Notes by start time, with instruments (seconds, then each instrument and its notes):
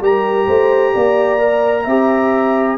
0.00 tuba G3, trombone G4, horn A#4, trumpet A#5
0.46 tuba A3, horn C5
0.94 tuba A#3, horn D5
1.38 trombone A#4
1.83 tuba C4, trombone G4, horn E5